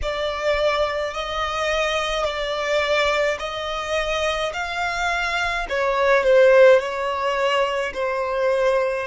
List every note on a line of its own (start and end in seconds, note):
0.02 1.14 D5
1.14 2.24 D#5
2.24 3.37 D5
3.39 4.52 D#5
4.53 5.66 F5
5.69 6.23 C#5
6.23 6.79 C5
6.79 7.92 C#5
7.93 9.07 C5